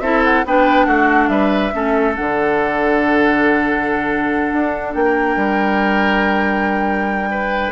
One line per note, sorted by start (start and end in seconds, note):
0.00 0.44 C4
0.00 0.45 E4
0.00 0.45 A4
0.00 0.21 E5
0.24 0.45 F#5
0.45 0.86 B3
0.45 1.72 D4
0.45 0.86 B4
0.45 0.86 G5
0.86 1.28 A3
0.86 1.29 F#4
0.86 1.28 F#5
1.28 1.71 G3
1.28 1.74 B4
1.28 2.14 E5
1.72 2.18 A3
1.72 2.14 C#4
1.72 5.04 A4
2.14 4.53 D3
2.14 7.72 D4
2.14 4.93 F#5
4.53 4.95 D4
4.93 5.36 A#3
4.93 7.72 G5
5.04 7.29 A#4
5.36 7.72 G3
7.31 7.72 B4